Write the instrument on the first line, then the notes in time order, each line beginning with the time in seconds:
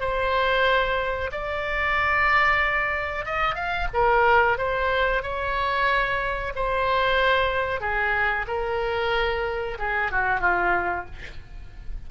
oboe
0.00 C5
1.32 D5
3.25 D#5
3.55 F5
3.93 A#4
4.58 C5
5.23 C#5
6.55 C5
7.81 G#4
8.48 A#4
9.79 G#4
10.11 F#4
10.40 F4